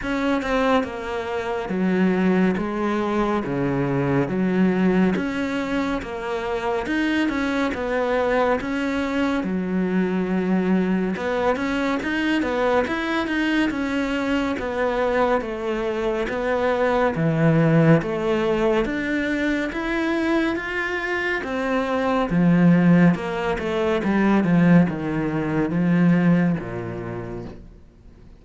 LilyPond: \new Staff \with { instrumentName = "cello" } { \time 4/4 \tempo 4 = 70 cis'8 c'8 ais4 fis4 gis4 | cis4 fis4 cis'4 ais4 | dis'8 cis'8 b4 cis'4 fis4~ | fis4 b8 cis'8 dis'8 b8 e'8 dis'8 |
cis'4 b4 a4 b4 | e4 a4 d'4 e'4 | f'4 c'4 f4 ais8 a8 | g8 f8 dis4 f4 ais,4 | }